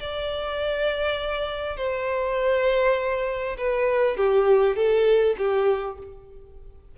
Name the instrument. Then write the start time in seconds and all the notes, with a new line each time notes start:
violin
0.00 D5
1.77 C5
3.58 B4
4.17 G4
4.76 A4
5.38 G4